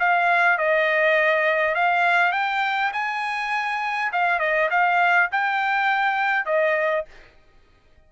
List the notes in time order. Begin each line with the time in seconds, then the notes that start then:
0.00 F5
0.58 D#5
1.75 F5
2.32 G5
2.93 G#5
4.13 F5
4.40 D#5
4.71 F5
5.32 G5
6.46 D#5